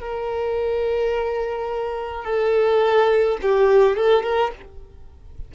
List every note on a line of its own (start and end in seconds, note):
0.00 2.24 A#4
2.24 3.37 A4
3.42 3.96 G4
3.96 4.23 A4
4.23 4.51 A#4